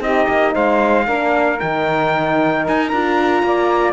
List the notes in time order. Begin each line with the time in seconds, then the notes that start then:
0.00 C4 D#4 G4 D#5
0.29 A#3
0.54 G#3 C5 F5
1.07 A#3 D4 A#4
1.58 D#3 D#4 G5
2.68 D#4 G#5
2.88 D4 F4 A#5
3.43 A#3 D5